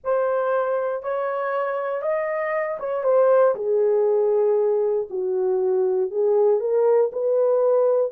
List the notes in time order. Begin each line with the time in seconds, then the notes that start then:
0.04 C5
1.02 C#5
2.02 D#5
2.79 C#5
3.03 C5
3.55 G#4
5.09 F#4
6.10 G#4
6.60 A#4
7.12 B4